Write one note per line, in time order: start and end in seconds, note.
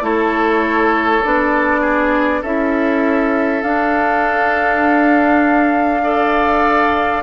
0.00 1.20 A3
0.00 1.21 E4
0.00 1.80 A4
0.00 1.23 C#5
1.23 2.42 B3
1.23 2.44 D4
1.23 2.43 D5
1.80 2.40 G#4
2.41 3.62 C#4
2.41 3.63 E4
2.41 6.01 A4
2.41 3.62 E5
3.62 7.22 D4
3.62 6.03 D4
3.62 7.22 F5
6.03 7.23 A4
6.03 7.23 D5